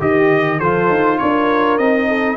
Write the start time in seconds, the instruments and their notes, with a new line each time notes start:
0.00 tuba D#3, trombone G4, horn G4, trumpet D#5
0.59 tuba F3, trombone F4, horn A4, trumpet C5
0.90 tuba D#4
1.19 tuba D4, horn A#4, trumpet C#5
1.78 tuba C4, trombone D#4, trumpet D#5
2.08 horn A4